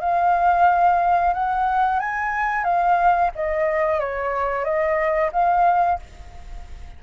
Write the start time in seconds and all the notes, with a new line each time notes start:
0.00 F5
1.33 F#5
1.99 G#5
2.64 F5
3.35 D#5
4.00 C#5
4.64 D#5
5.32 F5